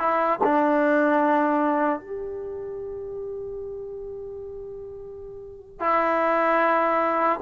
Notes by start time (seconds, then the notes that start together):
0.00 E4
0.44 D4
2.00 G4
5.80 E4